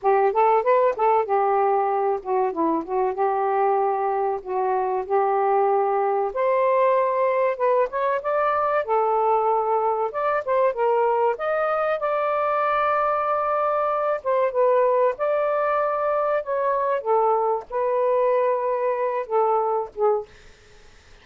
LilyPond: \new Staff \with { instrumentName = "saxophone" } { \time 4/4 \tempo 4 = 95 g'8 a'8 b'8 a'8 g'4. fis'8 | e'8 fis'8 g'2 fis'4 | g'2 c''2 | b'8 cis''8 d''4 a'2 |
d''8 c''8 ais'4 dis''4 d''4~ | d''2~ d''8 c''8 b'4 | d''2 cis''4 a'4 | b'2~ b'8 a'4 gis'8 | }